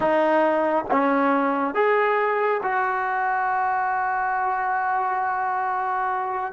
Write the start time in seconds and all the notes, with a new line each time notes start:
0.00 D#4
0.91 C#4
1.74 G#4
2.62 F#4